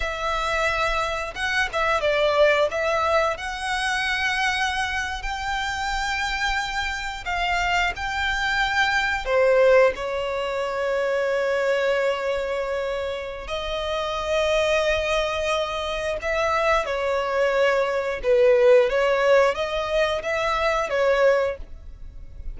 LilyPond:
\new Staff \with { instrumentName = "violin" } { \time 4/4 \tempo 4 = 89 e''2 fis''8 e''8 d''4 | e''4 fis''2~ fis''8. g''16~ | g''2~ g''8. f''4 g''16~ | g''4.~ g''16 c''4 cis''4~ cis''16~ |
cis''1 | dis''1 | e''4 cis''2 b'4 | cis''4 dis''4 e''4 cis''4 | }